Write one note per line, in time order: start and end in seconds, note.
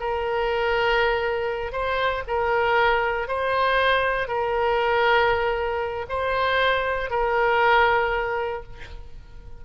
0.00 1.72 A#4
1.72 2.23 C5
2.27 3.28 A#4
3.28 4.28 C5
4.28 6.06 A#4
6.09 7.11 C5
7.11 8.63 A#4